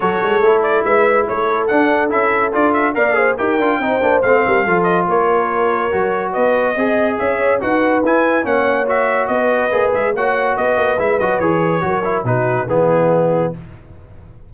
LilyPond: <<
  \new Staff \with { instrumentName = "trumpet" } { \time 4/4 \tempo 4 = 142 cis''4. d''8 e''4 cis''4 | fis''4 e''4 d''8 e''8 f''4 | g''2 f''4. dis''8 | cis''2. dis''4~ |
dis''4 e''4 fis''4 gis''4 | fis''4 e''4 dis''4. e''8 | fis''4 dis''4 e''8 dis''8 cis''4~ | cis''4 b'4 gis'2 | }
  \new Staff \with { instrumentName = "horn" } { \time 4/4 a'2 b'4 a'4~ | a'2. d''8 c''8 | ais'4 c''4. ais'8 a'4 | ais'2. b'4 |
dis''4 cis''4 b'2 | cis''2 b'2 | cis''4 b'2. | ais'4 fis'4 e'2 | }
  \new Staff \with { instrumentName = "trombone" } { \time 4/4 fis'4 e'2. | d'4 e'4 f'4 ais'8 gis'8 | g'8 f'8 dis'8 d'8 c'4 f'4~ | f'2 fis'2 |
gis'2 fis'4 e'4 | cis'4 fis'2 gis'4 | fis'2 e'8 fis'8 gis'4 | fis'8 e'8 dis'4 b2 | }
  \new Staff \with { instrumentName = "tuba" } { \time 4/4 fis8 gis8 a4 gis4 a4 | d'4 cis'4 d'4 ais4 | dis'8 d'8 c'8 ais8 a8 g8 f4 | ais2 fis4 b4 |
c'4 cis'4 dis'4 e'4 | ais2 b4 ais8 gis8 | ais4 b8 ais8 gis8 fis8 e4 | fis4 b,4 e2 | }
>>